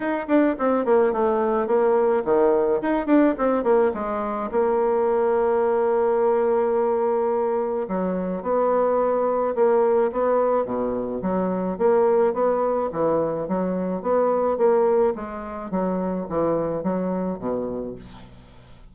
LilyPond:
\new Staff \with { instrumentName = "bassoon" } { \time 4/4 \tempo 4 = 107 dis'8 d'8 c'8 ais8 a4 ais4 | dis4 dis'8 d'8 c'8 ais8 gis4 | ais1~ | ais2 fis4 b4~ |
b4 ais4 b4 b,4 | fis4 ais4 b4 e4 | fis4 b4 ais4 gis4 | fis4 e4 fis4 b,4 | }